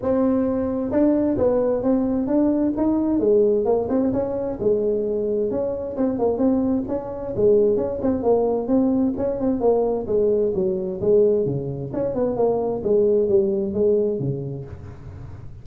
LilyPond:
\new Staff \with { instrumentName = "tuba" } { \time 4/4 \tempo 4 = 131 c'2 d'4 b4 | c'4 d'4 dis'4 gis4 | ais8 c'8 cis'4 gis2 | cis'4 c'8 ais8 c'4 cis'4 |
gis4 cis'8 c'8 ais4 c'4 | cis'8 c'8 ais4 gis4 fis4 | gis4 cis4 cis'8 b8 ais4 | gis4 g4 gis4 cis4 | }